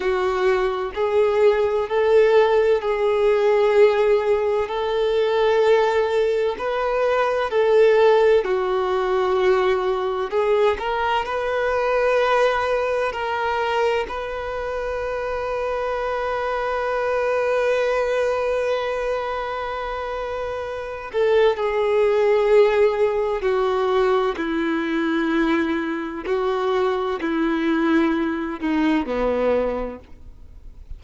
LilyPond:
\new Staff \with { instrumentName = "violin" } { \time 4/4 \tempo 4 = 64 fis'4 gis'4 a'4 gis'4~ | gis'4 a'2 b'4 | a'4 fis'2 gis'8 ais'8 | b'2 ais'4 b'4~ |
b'1~ | b'2~ b'8 a'8 gis'4~ | gis'4 fis'4 e'2 | fis'4 e'4. dis'8 b4 | }